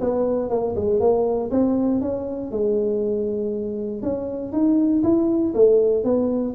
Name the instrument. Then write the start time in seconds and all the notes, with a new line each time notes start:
tuba
0.00 B3
0.49 A#3
0.75 G#3
1.00 A#3
1.50 C4
2.01 C#4
2.50 G#3
4.02 C#4
4.52 D#4
5.03 E4
5.54 A3
6.03 B3